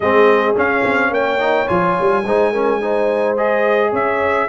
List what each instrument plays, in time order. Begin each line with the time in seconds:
0.00 tuba G#3, trombone C4, horn G#4, trumpet D#5
0.55 trombone C#4, tuba C#4, trumpet F5
0.84 tuba C4
1.10 tuba A#3, horn C#5, trumpet G5
1.39 trombone D#4
1.67 tuba F3, trombone F4, trumpet G#5
2.00 tuba G3
2.24 tuba G#3, trombone D#4, horn C5
2.52 trombone C#4, horn A#4
2.81 trombone D#4, horn C5
3.36 trombone G#4, trumpet D#5
3.90 tuba C#4, horn C#5, trumpet E5